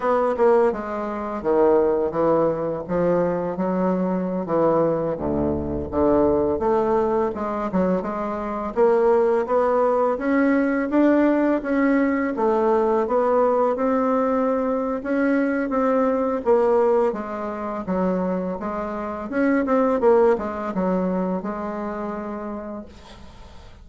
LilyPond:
\new Staff \with { instrumentName = "bassoon" } { \time 4/4 \tempo 4 = 84 b8 ais8 gis4 dis4 e4 | f4 fis4~ fis16 e4 d,8.~ | d,16 d4 a4 gis8 fis8 gis8.~ | gis16 ais4 b4 cis'4 d'8.~ |
d'16 cis'4 a4 b4 c'8.~ | c'4 cis'4 c'4 ais4 | gis4 fis4 gis4 cis'8 c'8 | ais8 gis8 fis4 gis2 | }